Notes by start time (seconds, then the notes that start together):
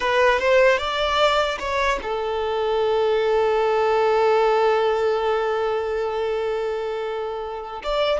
0.00 B4
0.39 C5
0.78 D5
1.59 C#5
2.02 A4
7.83 D5